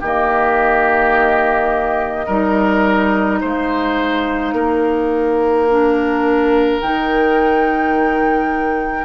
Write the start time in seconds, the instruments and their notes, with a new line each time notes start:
0.00 bassoon D#3, clarinet A#3, oboe G4, flute D#5
2.26 bassoon G3, clarinet D#4, oboe A#4
3.41 bassoon G#3, oboe C5, flute F5
4.53 bassoon A#3, oboe A#4
5.69 clarinet D4
6.80 bassoon D#3, clarinet D#4, flute G5